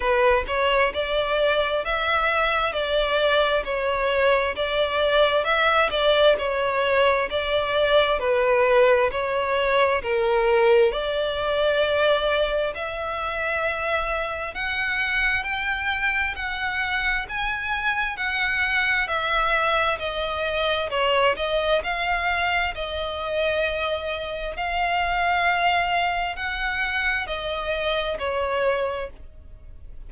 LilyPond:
\new Staff \with { instrumentName = "violin" } { \time 4/4 \tempo 4 = 66 b'8 cis''8 d''4 e''4 d''4 | cis''4 d''4 e''8 d''8 cis''4 | d''4 b'4 cis''4 ais'4 | d''2 e''2 |
fis''4 g''4 fis''4 gis''4 | fis''4 e''4 dis''4 cis''8 dis''8 | f''4 dis''2 f''4~ | f''4 fis''4 dis''4 cis''4 | }